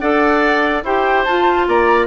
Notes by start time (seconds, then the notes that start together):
0.00 D4 A4 D5 F#5
0.83 E4 G4 C5 G5
1.24 F4 A5
1.68 A#3 D5 A#5